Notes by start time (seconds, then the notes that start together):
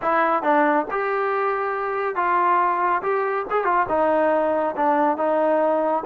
0.02 E4
0.43 D4
0.90 G4
2.15 F4
3.02 G4
3.50 G#4
3.64 F4
3.88 D#4
4.76 D4
5.17 D#4